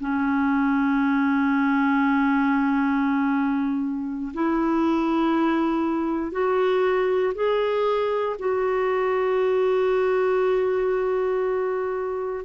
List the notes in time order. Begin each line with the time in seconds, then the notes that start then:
0.00 C#4
4.34 E4
6.31 F#4
7.35 G#4
8.39 F#4